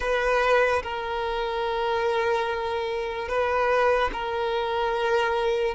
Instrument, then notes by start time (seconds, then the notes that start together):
violin
0.00 B4
0.83 A#4
3.28 B4
4.12 A#4